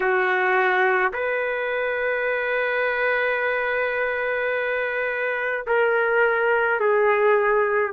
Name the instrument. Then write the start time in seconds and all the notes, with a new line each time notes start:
trumpet
0.00 F#4
1.13 B4
5.67 A#4
6.80 G#4